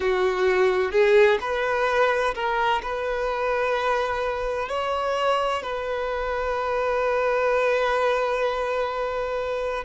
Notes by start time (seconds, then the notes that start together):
0.00 F#4
0.91 G#4
1.40 B4
2.34 A#4
2.82 B4
4.69 C#5
5.62 B4